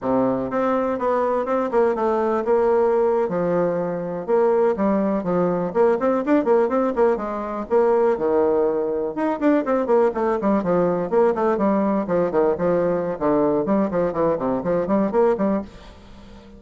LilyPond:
\new Staff \with { instrumentName = "bassoon" } { \time 4/4 \tempo 4 = 123 c4 c'4 b4 c'8 ais8 | a4 ais4.~ ais16 f4~ f16~ | f8. ais4 g4 f4 ais16~ | ais16 c'8 d'8 ais8 c'8 ais8 gis4 ais16~ |
ais8. dis2 dis'8 d'8 c'16~ | c'16 ais8 a8 g8 f4 ais8 a8 g16~ | g8. f8 dis8 f4~ f16 d4 | g8 f8 e8 c8 f8 g8 ais8 g8 | }